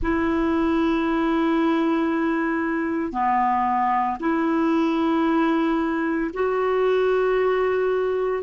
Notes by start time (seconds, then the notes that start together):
0.02 E4
3.12 B3
4.20 E4
6.33 F#4